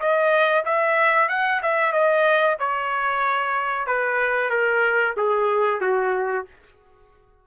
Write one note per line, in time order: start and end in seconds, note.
0.00 0.65 D#5
0.65 1.29 E5
1.29 1.61 F#5
1.62 1.93 E5
1.93 2.57 D#5
2.60 3.87 C#5
3.87 4.50 B4
4.50 5.15 A#4
5.17 5.81 G#4
5.81 6.45 F#4